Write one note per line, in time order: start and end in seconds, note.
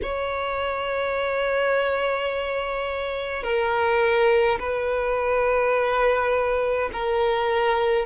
0.02 3.43 C#5
3.43 4.58 A#4
4.59 6.90 B4
6.92 8.06 A#4